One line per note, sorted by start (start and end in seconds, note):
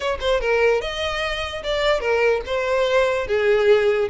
0.00 0.18 C#5
0.20 0.40 C5
0.40 0.81 A#4
0.81 1.63 D#5
1.63 2.00 D5
2.00 2.41 A#4
2.45 3.27 C5
3.27 4.09 G#4